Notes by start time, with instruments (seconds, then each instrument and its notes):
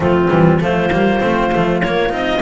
0.00 double bass F3, cello A3, flute C4, clarinet F4
0.29 double bass E3, cello G3
0.59 double bass F3, cello A3, flute F4, clarinet C5
0.91 double bass G3, cello A#3
1.20 double bass A3, cello C4
1.52 double bass F3, cello A3
1.81 cello A#3, double bass A#3, clarinet C#5
2.09 double bass C4, cello D#4, clarinet D#5